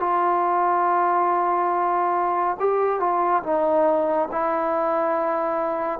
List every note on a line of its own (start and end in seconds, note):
0.00 2.57 F4
2.60 3.00 G4
3.00 3.43 F4
3.43 4.29 D#4
4.32 6.00 E4